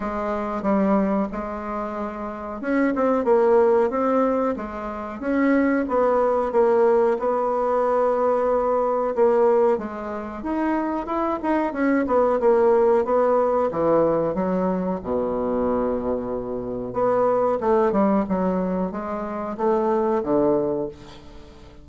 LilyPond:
\new Staff \with { instrumentName = "bassoon" } { \time 4/4 \tempo 4 = 92 gis4 g4 gis2 | cis'8 c'8 ais4 c'4 gis4 | cis'4 b4 ais4 b4~ | b2 ais4 gis4 |
dis'4 e'8 dis'8 cis'8 b8 ais4 | b4 e4 fis4 b,4~ | b,2 b4 a8 g8 | fis4 gis4 a4 d4 | }